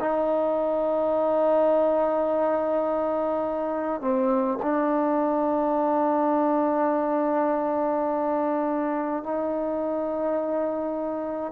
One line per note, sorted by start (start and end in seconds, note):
0.00 4.01 D#4
4.01 4.59 C4
4.62 9.24 D4
9.24 11.52 D#4